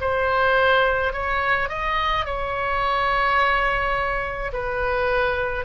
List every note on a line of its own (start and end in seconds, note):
0.00 1.12 C5
1.12 1.68 C#5
1.68 2.25 D#5
2.25 4.51 C#5
4.52 5.64 B4